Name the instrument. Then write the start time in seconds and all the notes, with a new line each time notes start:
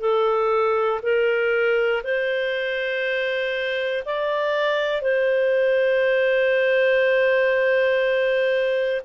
clarinet
0.00 A4
1.02 A#4
2.04 C5
4.05 D5
5.01 C5